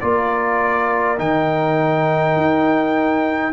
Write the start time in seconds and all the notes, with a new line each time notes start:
0.00 A#3 F4 A#4 D5
1.17 D#3 D#4 G5
2.36 D#4